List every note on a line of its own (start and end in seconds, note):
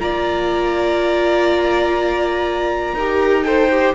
0.00 2.94 A#3
0.00 2.98 F4
0.00 2.95 D5
0.00 3.44 A#5
2.94 3.93 D#4
2.94 3.44 G4
2.94 3.45 A#4
3.44 3.69 A4
3.44 3.95 C5
3.44 3.93 G5
3.71 3.95 G4